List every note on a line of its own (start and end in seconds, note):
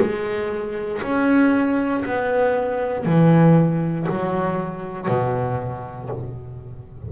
0.00 1.02 G#3
1.02 2.04 C#4
2.05 3.05 B3
3.05 4.07 E3
4.09 5.08 F#3
5.08 6.10 B2